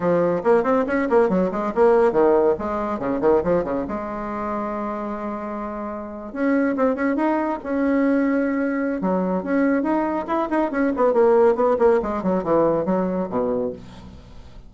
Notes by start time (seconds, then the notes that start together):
0.00 F3
0.43 A#3
0.63 C4
0.86 C#4
1.09 A#3
1.29 F#3
1.51 G#3
1.75 A#3
2.12 D#3
2.59 G#3
2.99 C#3
3.20 D#3
3.43 F3
3.64 C#3
3.87 G#3
6.33 C#4
6.76 C4
6.95 C#4
7.16 D#4
7.63 C#4
9.01 F#3
9.43 C#4
9.83 D#4
10.27 E4
10.50 D#4
10.71 C#4
10.96 B3
11.13 A#3
11.55 B3
11.79 A#3
12.02 G#3
12.22 F#3
12.43 E3
12.85 F#3
13.29 B2